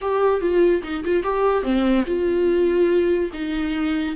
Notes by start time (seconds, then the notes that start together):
0.01 G4
0.40 F4
0.83 D#4
1.04 F4
1.23 G4
1.63 C4
2.06 F4
3.33 D#4